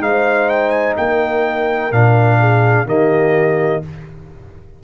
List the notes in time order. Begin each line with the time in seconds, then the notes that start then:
0.00 G#3 D#4 C5 F5
0.49 G5
0.70 G#5
0.97 A#3 A#4 G5
1.92 A#2 D4 F5
2.39 G#4
2.85 D#3 A#3 G4 D#5